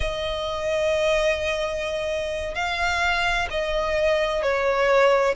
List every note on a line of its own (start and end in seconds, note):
0.00 2.55 D#5
2.55 3.48 F5
3.50 4.42 D#5
4.42 5.35 C#5